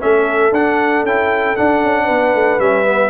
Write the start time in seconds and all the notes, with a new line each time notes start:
0.00 A3 C#4 A4 E5
0.52 D4 F#5
1.04 C#4 E4 G5
1.56 D4 F#5
1.84 C#4
2.05 B3 B4
2.35 A3
2.59 G3 C#4 E5
2.85 B3